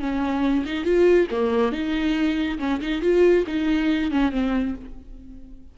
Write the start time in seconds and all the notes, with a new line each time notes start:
0.00 C#4
0.66 D#4
0.85 F4
1.31 A#3
1.72 D#4
2.59 C#4
2.81 D#4
3.02 F4
3.47 D#4
4.11 C#4
4.31 C4